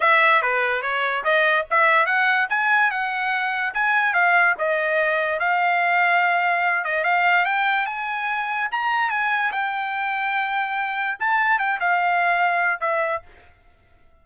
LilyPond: \new Staff \with { instrumentName = "trumpet" } { \time 4/4 \tempo 4 = 145 e''4 b'4 cis''4 dis''4 | e''4 fis''4 gis''4 fis''4~ | fis''4 gis''4 f''4 dis''4~ | dis''4 f''2.~ |
f''8 dis''8 f''4 g''4 gis''4~ | gis''4 ais''4 gis''4 g''4~ | g''2. a''4 | g''8 f''2~ f''8 e''4 | }